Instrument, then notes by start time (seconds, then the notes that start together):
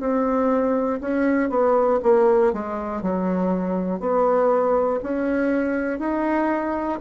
bassoon
0.00 C4
1.00 C#4
1.50 B3
2.02 A#3
2.53 G#3
3.01 F#3
4.00 B3
5.02 C#4
5.99 D#4